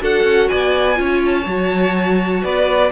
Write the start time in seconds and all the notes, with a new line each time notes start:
0.00 D4 F#4 A4 F#5
0.23 C#4
0.48 B3 D5 G#5
0.95 C#4 F4 C#5
1.25 A5
1.46 F#3 F#4
2.43 B3 B4 D5